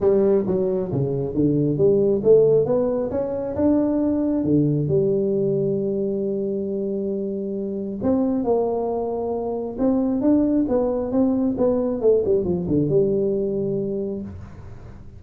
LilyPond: \new Staff \with { instrumentName = "tuba" } { \time 4/4 \tempo 4 = 135 g4 fis4 cis4 d4 | g4 a4 b4 cis'4 | d'2 d4 g4~ | g1~ |
g2 c'4 ais4~ | ais2 c'4 d'4 | b4 c'4 b4 a8 g8 | f8 d8 g2. | }